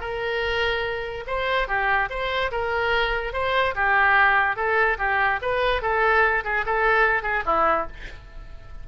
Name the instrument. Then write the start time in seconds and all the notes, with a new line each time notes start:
oboe
0.00 A#4
1.27 C5
1.68 G4
2.10 C5
2.51 A#4
3.33 C5
3.75 G4
4.56 A4
4.98 G4
5.42 B4
5.82 A4
6.44 G#4
6.66 A4
7.23 G#4
7.46 E4